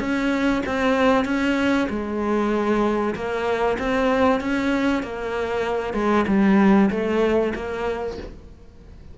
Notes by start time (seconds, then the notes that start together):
0.00 C#4
0.66 C4
1.25 C#4
1.90 G#3
3.15 A#3
3.79 C4
4.41 C#4
5.03 A#3
5.93 G#3
6.28 G3
6.91 A3
7.55 A#3